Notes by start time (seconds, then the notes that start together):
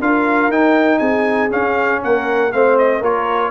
0.00 D4 F4 A#4 F5
0.48 D#4 G5
0.99 C4 G#4 G#5
1.50 C#4 F5
2.03 A#3 A#4 F#5
2.52 A3 C4 C5 F5
2.78 D#5
3.01 A#3 F4 A#4 C#5